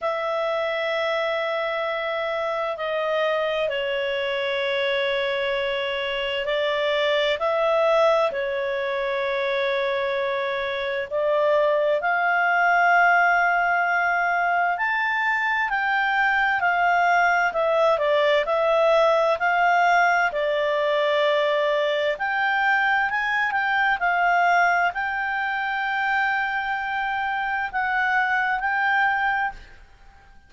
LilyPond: \new Staff \with { instrumentName = "clarinet" } { \time 4/4 \tempo 4 = 65 e''2. dis''4 | cis''2. d''4 | e''4 cis''2. | d''4 f''2. |
a''4 g''4 f''4 e''8 d''8 | e''4 f''4 d''2 | g''4 gis''8 g''8 f''4 g''4~ | g''2 fis''4 g''4 | }